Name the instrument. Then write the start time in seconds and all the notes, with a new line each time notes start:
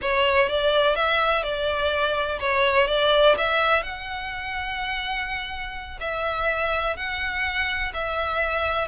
violin
0.01 C#5
0.48 D5
0.95 E5
1.43 D5
2.39 C#5
2.87 D5
3.37 E5
3.83 F#5
6.00 E5
6.96 F#5
7.93 E5